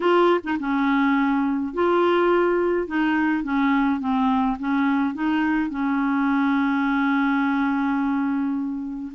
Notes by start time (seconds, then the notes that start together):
0.00 F4
0.43 D#4
0.59 C#4
1.73 F4
2.87 D#4
3.43 C#4
4.00 C4
4.59 C#4
5.14 D#4
5.69 C#4